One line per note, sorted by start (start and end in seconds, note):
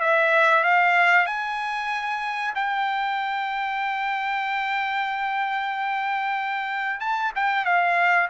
0.00 0.64 E5
0.64 1.26 F5
1.26 2.54 G#5
2.55 7.00 G5
7.00 7.32 A5
7.35 7.65 G5
7.65 8.29 F5